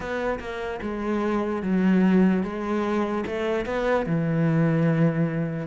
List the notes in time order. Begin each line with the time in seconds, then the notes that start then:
0.00 B3
0.39 A#3
0.82 G#3
1.62 F#3
2.43 G#3
3.26 A3
3.65 B3
4.05 E3